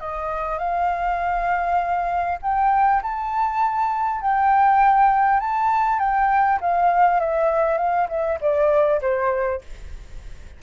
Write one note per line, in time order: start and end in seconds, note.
0.00 0.58 D#5
0.58 2.38 F5
2.42 3.02 G5
3.02 4.21 A5
4.21 5.40 G5
5.40 5.99 A5
5.99 6.59 G5
6.61 7.20 F5
7.20 7.77 E5
7.77 8.07 F5
8.09 8.39 E5
8.41 9.01 D5
9.01 9.61 C5